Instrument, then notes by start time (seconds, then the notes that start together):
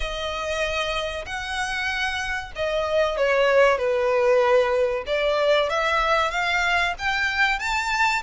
violin
0.00 D#5
1.25 F#5
2.55 D#5
3.17 C#5
3.78 B4
5.06 D5
5.69 E5
6.30 F5
6.98 G5
7.59 A5